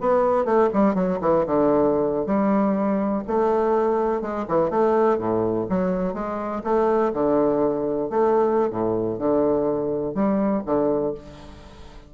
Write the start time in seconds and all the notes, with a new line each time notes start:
0.00 B3
0.44 A3
0.73 G3
0.94 F#3
1.21 E3
1.46 D3
2.26 G3
3.27 A3
4.21 G#3
4.48 E3
4.70 A3
5.18 A2
5.69 F#3
6.13 G#3
6.63 A3
7.13 D3
8.09 A3
8.70 A2
9.18 D3
10.14 G3
10.65 D3